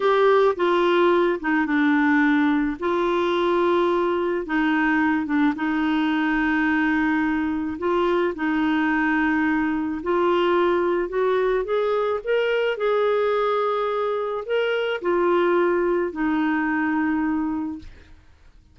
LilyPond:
\new Staff \with { instrumentName = "clarinet" } { \time 4/4 \tempo 4 = 108 g'4 f'4. dis'8 d'4~ | d'4 f'2. | dis'4. d'8 dis'2~ | dis'2 f'4 dis'4~ |
dis'2 f'2 | fis'4 gis'4 ais'4 gis'4~ | gis'2 ais'4 f'4~ | f'4 dis'2. | }